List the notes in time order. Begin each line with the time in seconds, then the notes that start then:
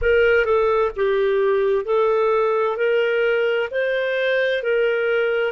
0.01 A#4
0.44 A4
0.96 G4
1.85 A4
2.77 A#4
3.70 C5
4.62 A#4